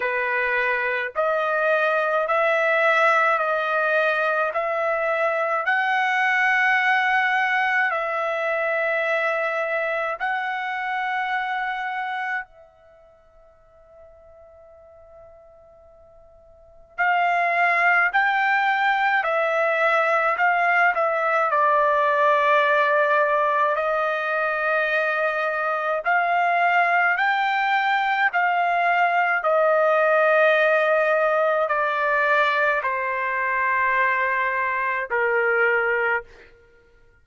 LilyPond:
\new Staff \with { instrumentName = "trumpet" } { \time 4/4 \tempo 4 = 53 b'4 dis''4 e''4 dis''4 | e''4 fis''2 e''4~ | e''4 fis''2 e''4~ | e''2. f''4 |
g''4 e''4 f''8 e''8 d''4~ | d''4 dis''2 f''4 | g''4 f''4 dis''2 | d''4 c''2 ais'4 | }